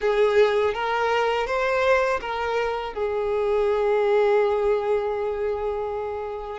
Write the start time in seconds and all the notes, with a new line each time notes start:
0.00 G#4
0.74 A#4
1.46 C5
2.20 A#4
2.93 G#4